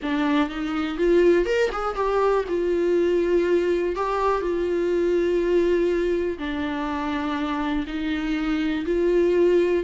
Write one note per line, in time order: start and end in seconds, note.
0.02 0.49 D4
0.49 0.97 D#4
0.97 1.45 F4
1.45 1.70 A#4
1.72 1.95 G#4
1.95 2.44 G4
2.48 3.95 F4
3.95 4.41 G4
4.41 6.38 F4
6.38 7.85 D4
7.86 8.85 D#4
8.85 9.84 F4